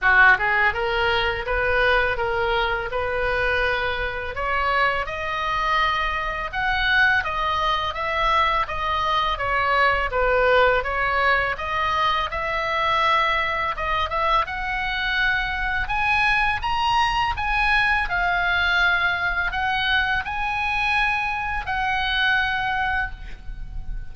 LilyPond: \new Staff \with { instrumentName = "oboe" } { \time 4/4 \tempo 4 = 83 fis'8 gis'8 ais'4 b'4 ais'4 | b'2 cis''4 dis''4~ | dis''4 fis''4 dis''4 e''4 | dis''4 cis''4 b'4 cis''4 |
dis''4 e''2 dis''8 e''8 | fis''2 gis''4 ais''4 | gis''4 f''2 fis''4 | gis''2 fis''2 | }